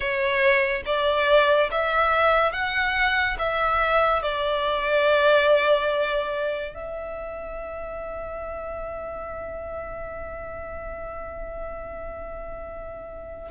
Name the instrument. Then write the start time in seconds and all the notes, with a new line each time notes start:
violin
0.00 C#5
0.85 D5
1.71 E5
2.52 F#5
3.38 E5
4.22 D5
6.74 E5